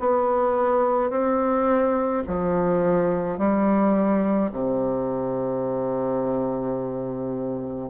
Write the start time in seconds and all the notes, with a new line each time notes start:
0.00 B3
1.11 C4
2.27 F3
3.39 G3
4.52 C3